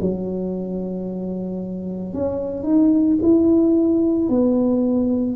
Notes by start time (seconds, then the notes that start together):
0.00 F#3
2.13 C#4
2.62 D#4
3.22 E4
4.29 B3